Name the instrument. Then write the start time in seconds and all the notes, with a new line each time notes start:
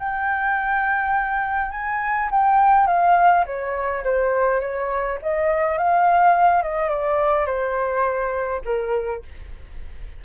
flute
0.00 G5
1.72 G#5
2.31 G5
2.87 F5
3.46 C#5
4.05 C5
4.61 C#5
5.23 D#5
5.78 F5
6.63 D#5
6.89 D5
7.47 C5
8.65 A#4